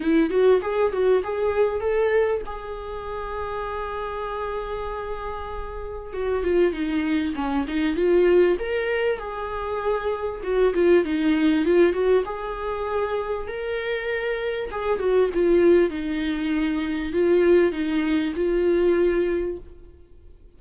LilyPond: \new Staff \with { instrumentName = "viola" } { \time 4/4 \tempo 4 = 98 e'8 fis'8 gis'8 fis'8 gis'4 a'4 | gis'1~ | gis'2 fis'8 f'8 dis'4 | cis'8 dis'8 f'4 ais'4 gis'4~ |
gis'4 fis'8 f'8 dis'4 f'8 fis'8 | gis'2 ais'2 | gis'8 fis'8 f'4 dis'2 | f'4 dis'4 f'2 | }